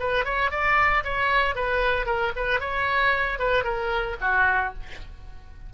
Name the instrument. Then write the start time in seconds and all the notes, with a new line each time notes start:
oboe
0.00 B4
0.25 C#5
0.51 D5
1.05 C#5
1.56 B4
2.06 A#4
2.37 B4
2.61 C#5
3.39 B4
3.64 A#4
4.21 F#4